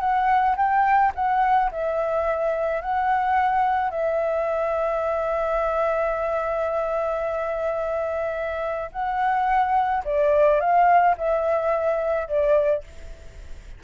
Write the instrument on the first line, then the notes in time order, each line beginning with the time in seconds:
flute
0.00 F#5
0.57 G5
1.15 F#5
1.71 E5
2.81 F#5
3.91 E5
8.92 F#5
10.05 D5
10.60 F5
11.17 E5
12.28 D5